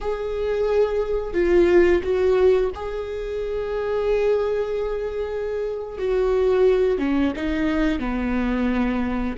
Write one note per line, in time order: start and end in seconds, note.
0.00 1.33 G#4
1.33 2.01 F4
2.02 2.71 F#4
2.75 5.98 G#4
5.98 6.98 F#4
6.98 7.32 C#4
7.35 7.99 D#4
7.99 9.35 B3